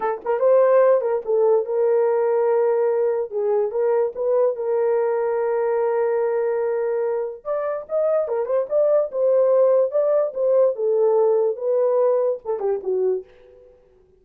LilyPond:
\new Staff \with { instrumentName = "horn" } { \time 4/4 \tempo 4 = 145 a'8 ais'8 c''4. ais'8 a'4 | ais'1 | gis'4 ais'4 b'4 ais'4~ | ais'1~ |
ais'2 d''4 dis''4 | ais'8 c''8 d''4 c''2 | d''4 c''4 a'2 | b'2 a'8 g'8 fis'4 | }